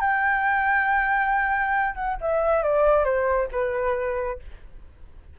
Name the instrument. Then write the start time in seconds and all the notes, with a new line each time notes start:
flute
0.00 G5
1.95 F#5
2.21 E5
2.63 D5
3.04 C5
3.51 B4